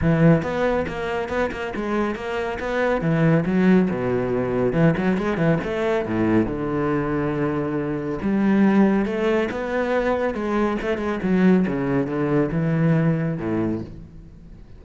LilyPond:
\new Staff \with { instrumentName = "cello" } { \time 4/4 \tempo 4 = 139 e4 b4 ais4 b8 ais8 | gis4 ais4 b4 e4 | fis4 b,2 e8 fis8 | gis8 e8 a4 a,4 d4~ |
d2. g4~ | g4 a4 b2 | gis4 a8 gis8 fis4 cis4 | d4 e2 a,4 | }